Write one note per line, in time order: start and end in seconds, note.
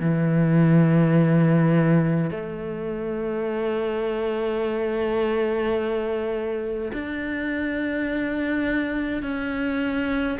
0.00 2.30 E3
2.30 6.92 A3
6.93 9.23 D4
9.23 10.38 C#4